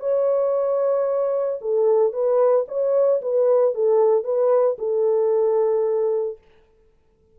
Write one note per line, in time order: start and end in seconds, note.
0.00 1.59 C#5
1.61 2.13 A4
2.13 2.66 B4
2.68 3.21 C#5
3.22 3.75 B4
3.75 4.24 A4
4.24 4.77 B4
4.79 6.38 A4